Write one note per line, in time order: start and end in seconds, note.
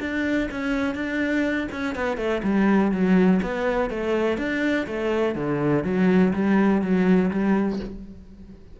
0.00 0.49 D4
0.51 0.94 C#4
0.94 1.68 D4
1.71 1.95 C#4
1.95 2.17 B3
2.17 2.41 A3
2.43 2.91 G3
2.91 3.40 F#3
3.42 3.90 B3
3.90 4.37 A3
4.37 4.86 D4
4.86 5.35 A3
5.35 5.84 D3
5.84 6.33 F#3
6.33 6.82 G3
6.82 7.30 F#3
7.31 7.79 G3